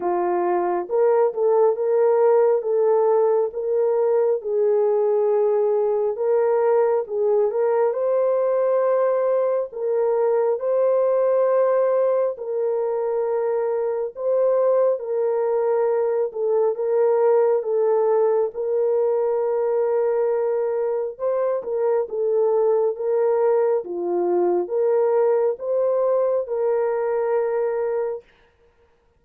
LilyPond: \new Staff \with { instrumentName = "horn" } { \time 4/4 \tempo 4 = 68 f'4 ais'8 a'8 ais'4 a'4 | ais'4 gis'2 ais'4 | gis'8 ais'8 c''2 ais'4 | c''2 ais'2 |
c''4 ais'4. a'8 ais'4 | a'4 ais'2. | c''8 ais'8 a'4 ais'4 f'4 | ais'4 c''4 ais'2 | }